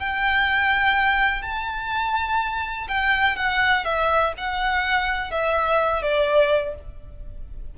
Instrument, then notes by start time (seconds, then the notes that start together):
violin
0.00 G5
1.43 A5
2.89 G5
3.37 F#5
3.85 E5
4.38 F#5
5.32 E5
6.03 D5